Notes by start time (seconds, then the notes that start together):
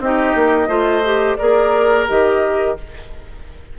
0.00 C4 D#4 G4 D#5
0.35 A#3
0.68 A3 F4 C5
1.05 G4
1.37 A#3 G#4 A#4 D5
2.08 D#3 G4 D#5